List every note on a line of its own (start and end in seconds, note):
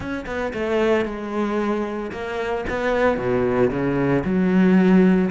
0.00 0.25 C#4
0.26 0.52 B3
0.53 1.05 A3
1.05 2.11 G#3
2.11 2.64 A#3
2.69 3.17 B3
3.17 3.70 B2
3.70 4.23 C#3
4.24 5.30 F#3